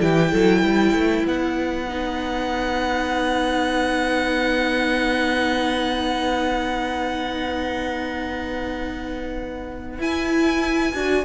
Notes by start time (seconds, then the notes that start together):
0.00 E3 E4 G4 G5
0.32 F#3 A4
0.62 G3 B4
0.93 A3
1.26 B3 F#5
1.89 D#4
9.99 E4 G#5
10.94 D4 F#4